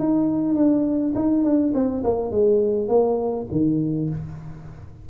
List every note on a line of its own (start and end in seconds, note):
0.00 0.56 D#4
0.56 1.14 D4
1.15 1.45 D#4
1.45 1.74 D4
1.74 2.04 C4
2.04 2.31 A#3
2.31 2.88 G#3
2.88 3.47 A#3
3.52 4.10 D#3